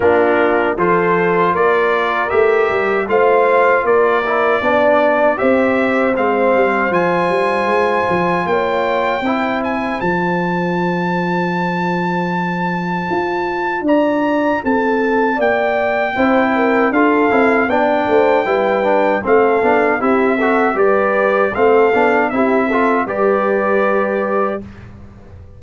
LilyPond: <<
  \new Staff \with { instrumentName = "trumpet" } { \time 4/4 \tempo 4 = 78 ais'4 c''4 d''4 e''4 | f''4 d''2 e''4 | f''4 gis''2 g''4~ | g''8 gis''8 a''2.~ |
a''2 ais''4 a''4 | g''2 f''4 g''4~ | g''4 f''4 e''4 d''4 | f''4 e''4 d''2 | }
  \new Staff \with { instrumentName = "horn" } { \time 4/4 f'4 a'4 ais'2 | c''4 ais'4 d''4 c''4~ | c''2. cis''4 | c''1~ |
c''2 d''4 a'4 | d''4 c''8 ais'8 a'4 d''8 c''8 | b'4 a'4 g'8 a'8 b'4 | a'4 g'8 a'8 b'2 | }
  \new Staff \with { instrumentName = "trombone" } { \time 4/4 d'4 f'2 g'4 | f'4. e'8 d'4 g'4 | c'4 f'2. | e'4 f'2.~ |
f'1~ | f'4 e'4 f'8 e'8 d'4 | e'8 d'8 c'8 d'8 e'8 fis'8 g'4 | c'8 d'8 e'8 f'8 g'2 | }
  \new Staff \with { instrumentName = "tuba" } { \time 4/4 ais4 f4 ais4 a8 g8 | a4 ais4 b4 c'4 | gis8 g8 f8 g8 gis8 f8 ais4 | c'4 f2.~ |
f4 f'4 d'4 c'4 | ais4 c'4 d'8 c'8 b8 a8 | g4 a8 b8 c'4 g4 | a8 b8 c'4 g2 | }
>>